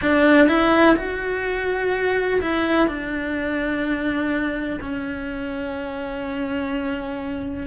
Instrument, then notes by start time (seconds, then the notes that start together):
cello
0.01 D4
0.48 E4
0.96 F#4
2.41 E4
2.87 D4
4.80 C#4